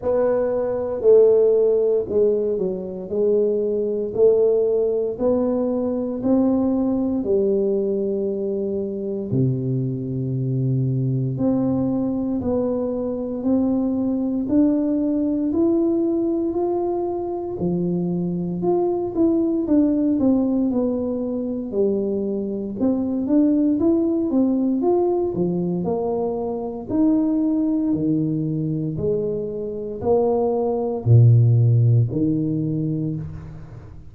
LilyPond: \new Staff \with { instrumentName = "tuba" } { \time 4/4 \tempo 4 = 58 b4 a4 gis8 fis8 gis4 | a4 b4 c'4 g4~ | g4 c2 c'4 | b4 c'4 d'4 e'4 |
f'4 f4 f'8 e'8 d'8 c'8 | b4 g4 c'8 d'8 e'8 c'8 | f'8 f8 ais4 dis'4 dis4 | gis4 ais4 ais,4 dis4 | }